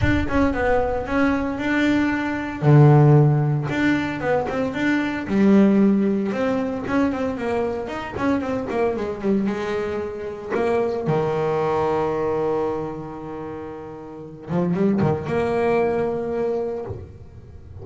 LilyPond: \new Staff \with { instrumentName = "double bass" } { \time 4/4 \tempo 4 = 114 d'8 cis'8 b4 cis'4 d'4~ | d'4 d2 d'4 | b8 c'8 d'4 g2 | c'4 cis'8 c'8 ais4 dis'8 cis'8 |
c'8 ais8 gis8 g8 gis2 | ais4 dis2.~ | dis2.~ dis8 f8 | g8 dis8 ais2. | }